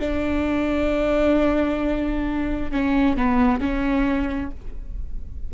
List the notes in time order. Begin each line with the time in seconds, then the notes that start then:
0.00 D4
2.71 C#4
3.17 B3
3.61 C#4